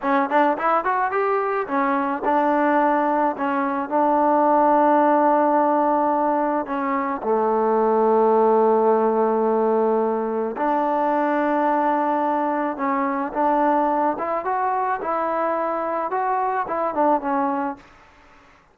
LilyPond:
\new Staff \with { instrumentName = "trombone" } { \time 4/4 \tempo 4 = 108 cis'8 d'8 e'8 fis'8 g'4 cis'4 | d'2 cis'4 d'4~ | d'1 | cis'4 a2.~ |
a2. d'4~ | d'2. cis'4 | d'4. e'8 fis'4 e'4~ | e'4 fis'4 e'8 d'8 cis'4 | }